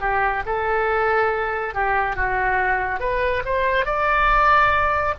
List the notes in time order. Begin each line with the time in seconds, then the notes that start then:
0.00 G4
0.46 A4
1.74 G4
2.15 F#4
3.00 B4
3.45 C5
3.85 D5